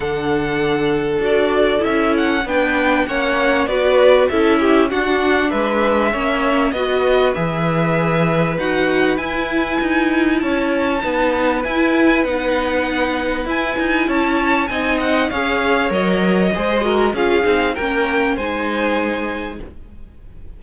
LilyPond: <<
  \new Staff \with { instrumentName = "violin" } { \time 4/4 \tempo 4 = 98 fis''2 d''4 e''8 fis''8 | g''4 fis''4 d''4 e''4 | fis''4 e''2 dis''4 | e''2 fis''4 gis''4~ |
gis''4 a''2 gis''4 | fis''2 gis''4 a''4 | gis''8 fis''8 f''4 dis''2 | f''4 g''4 gis''2 | }
  \new Staff \with { instrumentName = "violin" } { \time 4/4 a'1 | b'4 cis''4 b'4 a'8 g'8 | fis'4 b'4 cis''4 b'4~ | b'1~ |
b'4 cis''4 b'2~ | b'2. cis''4 | dis''4 cis''2 c''8 ais'8 | gis'4 ais'4 c''2 | }
  \new Staff \with { instrumentName = "viola" } { \time 4/4 d'2 fis'4 e'4 | d'4 cis'4 fis'4 e'4 | d'2 cis'4 fis'4 | gis'2 fis'4 e'4~ |
e'2 dis'4 e'4 | dis'2 e'2 | dis'4 gis'4 ais'4 gis'8 fis'8 | f'8 dis'8 cis'4 dis'2 | }
  \new Staff \with { instrumentName = "cello" } { \time 4/4 d2 d'4 cis'4 | b4 ais4 b4 cis'4 | d'4 gis4 ais4 b4 | e2 dis'4 e'4 |
dis'4 cis'4 b4 e'4 | b2 e'8 dis'8 cis'4 | c'4 cis'4 fis4 gis4 | cis'8 c'8 ais4 gis2 | }
>>